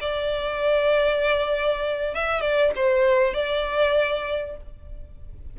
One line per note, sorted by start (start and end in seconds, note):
0.00 2.14 D5
2.14 2.41 E5
2.41 2.71 D5
2.75 3.34 C5
3.34 4.56 D5